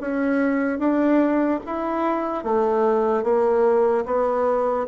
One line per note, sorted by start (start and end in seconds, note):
0.00 0.79 C#4
0.79 1.60 D4
1.65 2.43 E4
2.43 3.23 A3
3.23 4.04 A#3
4.05 4.86 B3